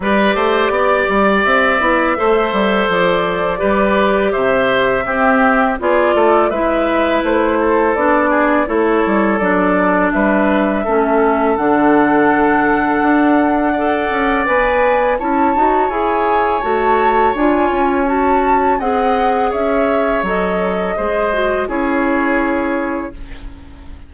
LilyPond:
<<
  \new Staff \with { instrumentName = "flute" } { \time 4/4 \tempo 4 = 83 d''2 e''2 | d''2 e''2 | d''4 e''4 c''4 d''4 | cis''4 d''4 e''2 |
fis''1 | gis''4 a''4 gis''4 a''4 | gis''4 a''4 fis''4 e''4 | dis''2 cis''2 | }
  \new Staff \with { instrumentName = "oboe" } { \time 4/4 b'8 c''8 d''2 c''4~ | c''4 b'4 c''4 g'4 | gis'8 a'8 b'4. a'4 gis'8 | a'2 b'4 a'4~ |
a'2. d''4~ | d''4 cis''2.~ | cis''2 dis''4 cis''4~ | cis''4 c''4 gis'2 | }
  \new Staff \with { instrumentName = "clarinet" } { \time 4/4 g'2~ g'8 e'8 a'4~ | a'4 g'2 c'4 | f'4 e'2 d'4 | e'4 d'2 cis'4 |
d'2. a'4 | b'4 e'8 fis'8 gis'4 fis'4 | f'4 fis'4 gis'2 | a'4 gis'8 fis'8 e'2 | }
  \new Staff \with { instrumentName = "bassoon" } { \time 4/4 g8 a8 b8 g8 c'8 b8 a8 g8 | f4 g4 c4 c'4 | b8 a8 gis4 a4 b4 | a8 g8 fis4 g4 a4 |
d2 d'4. cis'8 | b4 cis'8 dis'8 e'4 a4 | d'8 cis'4. c'4 cis'4 | fis4 gis4 cis'2 | }
>>